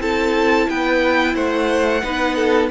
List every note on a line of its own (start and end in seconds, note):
0.00 0.67 C4
0.00 2.03 E4
0.00 0.69 A4
0.00 0.70 A5
0.70 1.35 B3
0.70 1.35 B4
0.70 1.36 G5
1.35 2.03 A3
1.35 2.02 C5
1.35 2.70 F#5
2.03 2.71 B3
2.03 2.71 D#4
2.03 2.36 B4
2.36 2.69 A4